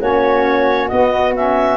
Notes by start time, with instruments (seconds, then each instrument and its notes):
0.00 tuba A#3, saxophone C#4, flute F#4, clarinet C#5
0.88 tuba B3, saxophone B3, clarinet D#5
1.35 saxophone C#4, clarinet E5